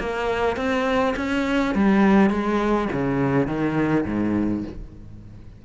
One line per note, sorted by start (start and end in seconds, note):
0.00 0.56 A#3
0.56 1.15 C4
1.17 1.75 C#4
1.75 2.30 G3
2.30 2.88 G#3
2.93 3.47 C#3
3.47 4.06 D#3
4.06 4.64 G#2